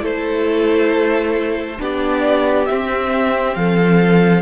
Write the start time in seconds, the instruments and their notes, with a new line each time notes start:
0.00 cello A3, viola E4, violin A4 C5
1.79 cello B3, viola D4, violin G4 D5
2.66 viola C4, cello C4, violin E5
3.54 cello F3, violin A4 F5